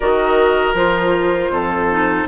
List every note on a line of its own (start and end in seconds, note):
0.00 0.73 D#3
0.00 0.75 F#4
0.00 1.51 A#4
0.00 0.74 D#5
0.73 1.49 F3
0.73 1.89 F4
0.73 2.27 C5
1.50 2.26 F2
1.50 2.27 A4
1.91 2.27 D#4